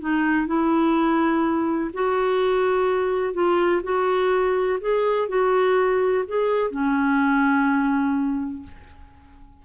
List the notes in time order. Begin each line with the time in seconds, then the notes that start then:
0.00 D#4
0.46 E4
1.93 F#4
3.33 F4
3.83 F#4
4.80 G#4
5.28 F#4
6.27 G#4
6.70 C#4